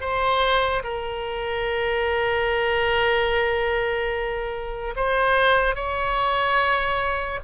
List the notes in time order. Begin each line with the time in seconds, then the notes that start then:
0.00 C5
0.83 A#4
4.96 C5
5.75 C#5